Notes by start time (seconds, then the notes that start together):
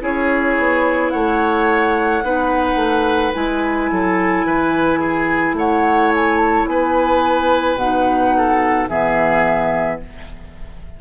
0.00 C#4 E4 G#4 C#5
0.58 B3
1.10 A3 C#5 F#5
2.22 B3 D#4 B4
2.75 A3
3.34 G#3 E4 G#5
3.91 F#3 A4
4.44 E3 B4
5.00 G#4
5.53 A3 C#5 F#5
6.15 G#5
6.38 A5
6.67 B3 B4 G#5
7.75 B2 D#4 F#5
8.37 A4
8.89 E3 B3 G#4 E5